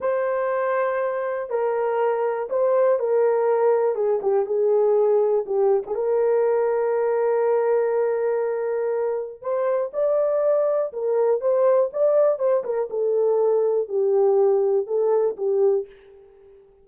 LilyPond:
\new Staff \with { instrumentName = "horn" } { \time 4/4 \tempo 4 = 121 c''2. ais'4~ | ais'4 c''4 ais'2 | gis'8 g'8 gis'2 g'8. gis'16 | ais'1~ |
ais'2. c''4 | d''2 ais'4 c''4 | d''4 c''8 ais'8 a'2 | g'2 a'4 g'4 | }